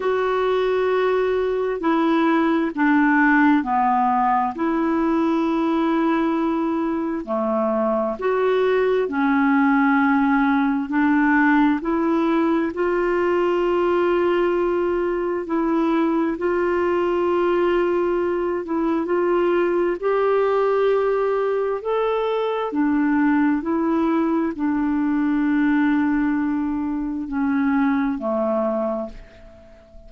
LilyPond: \new Staff \with { instrumentName = "clarinet" } { \time 4/4 \tempo 4 = 66 fis'2 e'4 d'4 | b4 e'2. | a4 fis'4 cis'2 | d'4 e'4 f'2~ |
f'4 e'4 f'2~ | f'8 e'8 f'4 g'2 | a'4 d'4 e'4 d'4~ | d'2 cis'4 a4 | }